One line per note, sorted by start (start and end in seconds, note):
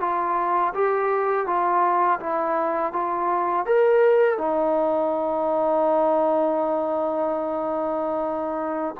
0.00 0.73 F4
0.74 1.46 G4
1.46 2.19 F4
2.20 2.92 E4
2.92 3.66 F4
3.66 4.38 A#4
4.38 8.95 D#4